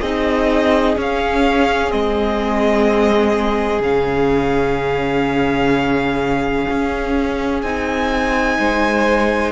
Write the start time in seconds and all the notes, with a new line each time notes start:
0.00 C4 D#4 G#4 D#5
0.96 C#4 F5
1.90 G#3 C4 D#5
3.79 C#3 C#4 F5
6.70 C#4
7.61 C4 D#4 G#5
8.58 G#3 C5